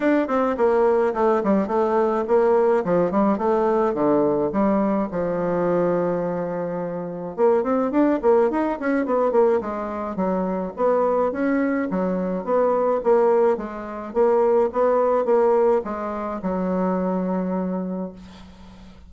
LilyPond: \new Staff \with { instrumentName = "bassoon" } { \time 4/4 \tempo 4 = 106 d'8 c'8 ais4 a8 g8 a4 | ais4 f8 g8 a4 d4 | g4 f2.~ | f4 ais8 c'8 d'8 ais8 dis'8 cis'8 |
b8 ais8 gis4 fis4 b4 | cis'4 fis4 b4 ais4 | gis4 ais4 b4 ais4 | gis4 fis2. | }